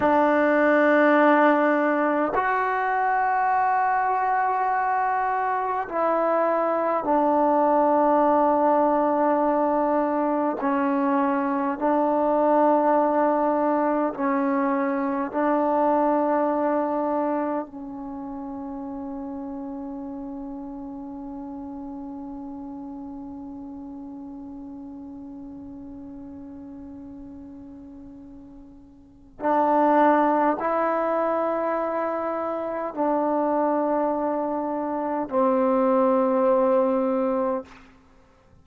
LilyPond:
\new Staff \with { instrumentName = "trombone" } { \time 4/4 \tempo 4 = 51 d'2 fis'2~ | fis'4 e'4 d'2~ | d'4 cis'4 d'2 | cis'4 d'2 cis'4~ |
cis'1~ | cis'1~ | cis'4 d'4 e'2 | d'2 c'2 | }